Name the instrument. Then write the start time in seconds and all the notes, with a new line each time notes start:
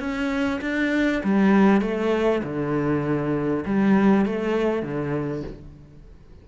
cello
0.00 C#4
0.62 D4
1.24 G3
1.82 A3
2.44 D3
3.66 G3
4.26 A3
4.83 D3